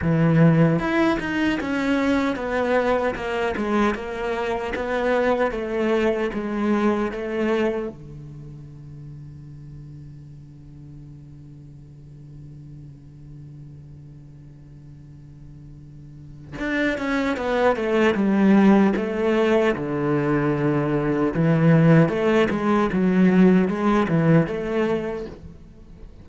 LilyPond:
\new Staff \with { instrumentName = "cello" } { \time 4/4 \tempo 4 = 76 e4 e'8 dis'8 cis'4 b4 | ais8 gis8 ais4 b4 a4 | gis4 a4 d2~ | d1~ |
d1~ | d4 d'8 cis'8 b8 a8 g4 | a4 d2 e4 | a8 gis8 fis4 gis8 e8 a4 | }